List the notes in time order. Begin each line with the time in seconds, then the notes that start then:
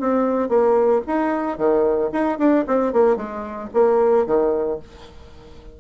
0.00 C4
0.49 A#3
1.07 D#4
1.58 D#3
2.13 D#4
2.38 D4
2.67 C4
2.93 A#3
3.16 G#3
3.74 A#3
4.26 D#3